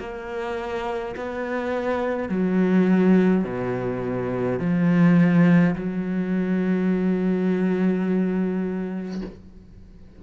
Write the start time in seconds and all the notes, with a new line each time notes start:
0.00 A#3
1.16 B3
2.29 F#3
3.45 B2
4.60 F3
5.76 F#3